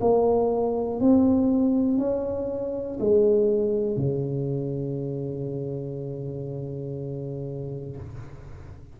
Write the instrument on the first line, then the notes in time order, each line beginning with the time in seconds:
tuba
0.00 A#3
1.00 C4
1.98 C#4
2.99 G#3
3.96 C#3